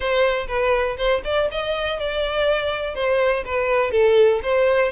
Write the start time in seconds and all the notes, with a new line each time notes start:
0.00 C5
0.47 B4
0.97 C5
1.24 D5
1.51 D#5
1.99 D5
2.94 C5
3.45 B4
3.91 A4
4.43 C5